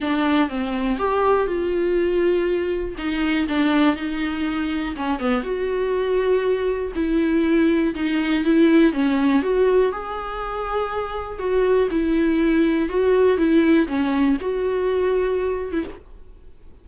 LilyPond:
\new Staff \with { instrumentName = "viola" } { \time 4/4 \tempo 4 = 121 d'4 c'4 g'4 f'4~ | f'2 dis'4 d'4 | dis'2 cis'8 b8 fis'4~ | fis'2 e'2 |
dis'4 e'4 cis'4 fis'4 | gis'2. fis'4 | e'2 fis'4 e'4 | cis'4 fis'2~ fis'8. e'16 | }